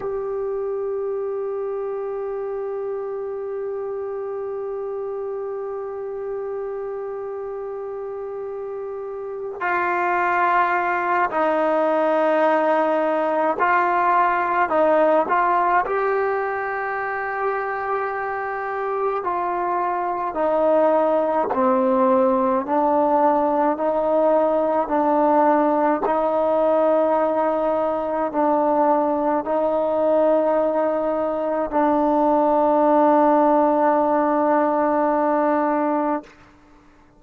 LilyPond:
\new Staff \with { instrumentName = "trombone" } { \time 4/4 \tempo 4 = 53 g'1~ | g'1~ | g'8 f'4. dis'2 | f'4 dis'8 f'8 g'2~ |
g'4 f'4 dis'4 c'4 | d'4 dis'4 d'4 dis'4~ | dis'4 d'4 dis'2 | d'1 | }